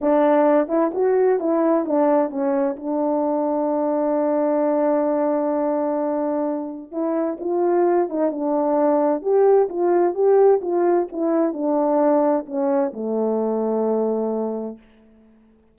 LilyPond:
\new Staff \with { instrumentName = "horn" } { \time 4/4 \tempo 4 = 130 d'4. e'8 fis'4 e'4 | d'4 cis'4 d'2~ | d'1~ | d'2. e'4 |
f'4. dis'8 d'2 | g'4 f'4 g'4 f'4 | e'4 d'2 cis'4 | a1 | }